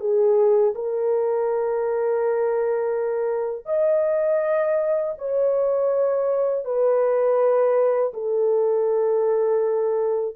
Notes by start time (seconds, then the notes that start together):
0.00 G#4
0.75 A#4
3.66 D#5
5.18 C#5
6.65 B4
8.13 A4